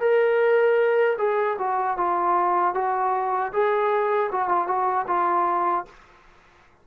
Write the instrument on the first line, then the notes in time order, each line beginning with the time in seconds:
trombone
0.00 A#4
1.18 G#4
1.58 F#4
1.97 F4
2.74 F#4
3.52 G#4
4.31 F#4
4.48 F4
4.67 F#4
5.07 F4